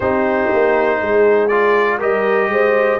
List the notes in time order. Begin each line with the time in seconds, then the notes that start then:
0.00 C4 D#4 G4 C5
0.52 A#3
1.00 G#3 G#4
1.48 F4 D5
1.98 G3 G4 A#4 D#5
2.48 G#3 C5